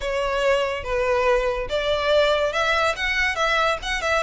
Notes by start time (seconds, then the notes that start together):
0.00 C#5
0.83 B4
1.69 D5
2.52 E5
2.96 F#5
3.35 E5
3.82 F#5
4.01 E5